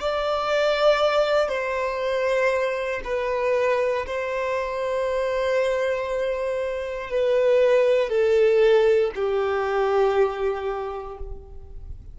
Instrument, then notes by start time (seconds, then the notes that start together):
violin
0.00 D5
1.48 C5
3.04 B4
4.06 C5
7.10 B4
8.09 A4
9.14 G4